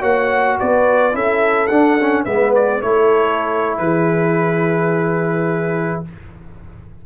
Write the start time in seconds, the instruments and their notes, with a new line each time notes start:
0.00 tuba A#3, trombone F#4, horn C#5, trumpet F#5
0.59 tuba B3, horn B4, trumpet D5
1.12 tuba C#4, trombone E4, horn A4, trumpet E5
1.67 tuba D4, trombone D4, trumpet F#5
2.00 trombone C#4
2.24 tuba G#3, trombone B3, horn B4, trumpet E5
2.55 trumpet D5
2.81 tuba A3, trombone E4, horn A4, trumpet C#5
3.78 tuba E3, horn G#4, trumpet B4